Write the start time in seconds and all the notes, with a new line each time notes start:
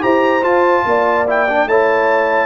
0.00 E4 G4 C5 A#5
0.42 F4 A5
0.85 A#3 D5
1.27 E4 G5
1.48 D4
1.66 A3 E4 C#5 A5